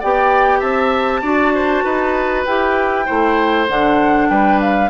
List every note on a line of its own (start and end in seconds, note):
0.00 0.62 B3
0.00 1.23 G4
0.00 0.59 D5
0.00 0.60 G5
0.59 1.22 C4
0.59 1.20 E5
0.59 2.44 A5
1.22 1.83 D4
1.22 2.46 F#4
1.22 1.52 D5
1.54 1.84 C5
1.84 2.46 D#4
1.84 3.05 B4
2.45 3.08 E4
2.45 3.06 G4
2.45 3.67 G5
3.05 3.68 A3
3.05 3.67 E4
3.05 4.28 C5
3.68 4.29 D3
3.68 4.89 D4
3.68 4.29 F#5
4.29 4.89 G3
4.29 4.89 B4
4.29 4.59 G5
4.60 4.89 F5